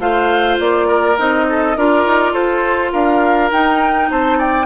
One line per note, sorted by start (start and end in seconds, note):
0.00 0.58 A3
0.00 1.17 F4
0.00 0.88 C5
0.00 0.59 F5
0.60 1.18 A#3
0.60 1.19 D5
0.88 1.46 A#4
1.17 1.77 C4
1.17 1.76 D#4
1.17 1.77 D#5
1.50 1.78 A4
1.77 2.06 D4
1.77 3.52 F4
1.77 2.33 A#4
1.77 2.33 D5
2.06 2.33 D#4
2.33 2.92 F4
2.33 2.91 A4
2.33 2.92 C5
2.92 3.52 D4
2.92 4.09 A#4
2.92 3.50 F5
3.52 4.10 D#4
3.52 4.67 D#4
3.52 4.11 G5
4.11 4.67 C4
4.11 4.38 C5
4.11 4.41 A5
4.38 4.67 D5
4.38 4.67 G5